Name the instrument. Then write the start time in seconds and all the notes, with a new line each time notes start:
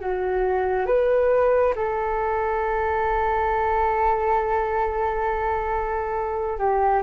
flute
0.00 F#4
0.86 B4
1.75 A4
6.59 G4